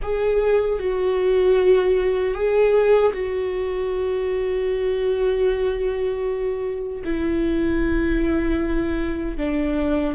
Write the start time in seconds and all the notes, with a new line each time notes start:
0.02 G#4
0.79 F#4
2.34 G#4
3.12 F#4
7.04 E4
9.37 D4